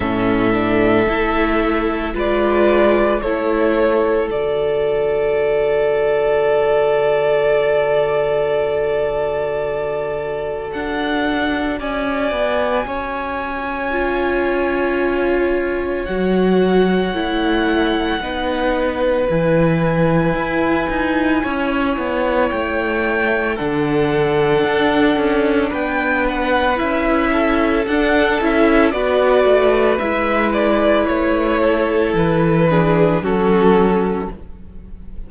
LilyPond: <<
  \new Staff \with { instrumentName = "violin" } { \time 4/4 \tempo 4 = 56 e''2 d''4 cis''4 | d''1~ | d''2 fis''4 gis''4~ | gis''2. fis''4~ |
fis''2 gis''2~ | gis''4 g''4 fis''2 | g''8 fis''8 e''4 fis''8 e''8 d''4 | e''8 d''8 cis''4 b'4 a'4 | }
  \new Staff \with { instrumentName = "violin" } { \time 4/4 a'2 b'4 a'4~ | a'1~ | a'2. d''4 | cis''1~ |
cis''4 b'2. | cis''2 a'2 | b'4. a'4. b'4~ | b'4. a'4 gis'8 fis'4 | }
  \new Staff \with { instrumentName = "viola" } { \time 4/4 cis'8 d'8 e'4 f'4 e'4 | fis'1~ | fis'1~ | fis'4 f'2 fis'4 |
e'4 dis'4 e'2~ | e'2 d'2~ | d'4 e'4 d'8 e'8 fis'4 | e'2~ e'8 d'8 cis'4 | }
  \new Staff \with { instrumentName = "cello" } { \time 4/4 a,4 a4 gis4 a4 | d1~ | d2 d'4 cis'8 b8 | cis'2. fis4 |
a4 b4 e4 e'8 dis'8 | cis'8 b8 a4 d4 d'8 cis'8 | b4 cis'4 d'8 cis'8 b8 a8 | gis4 a4 e4 fis4 | }
>>